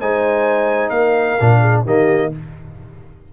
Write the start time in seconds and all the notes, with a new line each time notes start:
0.00 G#3 D#4 C5 G#5
0.90 A#3 A#4 F5
1.41 A#2 D4
1.60 G#4
1.85 D#3 A#3 G4 D#5